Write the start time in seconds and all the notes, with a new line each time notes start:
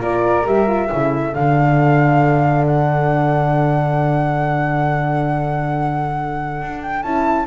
0.00 A#3 F4 A#4 D5
0.46 G3 G4 E5
0.68 F4
0.89 C#3 E4 A4
1.34 D3 D4 F5
2.67 F#5
6.62 D4
6.83 G5
7.03 C#4 E4 A5